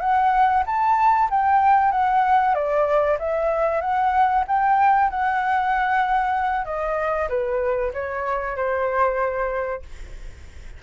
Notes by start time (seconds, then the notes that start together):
0.00 F#5
0.66 A5
1.30 G5
1.91 F#5
2.54 D5
3.19 E5
3.81 F#5
4.48 G5
5.10 F#5
6.65 D#5
7.29 B4
7.93 C#5
8.56 C5